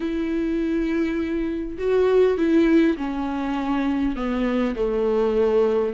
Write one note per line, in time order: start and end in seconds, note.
0.00 1.77 E4
1.78 2.37 F#4
2.37 2.96 E4
2.97 4.16 C#4
4.16 4.75 B3
4.75 5.93 A3